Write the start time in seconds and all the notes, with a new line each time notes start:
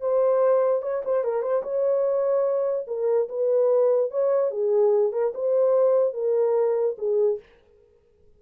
0.00 C5
0.82 C#5
1.04 C5
1.24 A#4
1.42 C5
1.63 C#5
2.87 A#4
3.28 B4
4.11 C#5
4.51 G#4
5.12 A#4
5.34 C5
6.13 A#4
6.98 G#4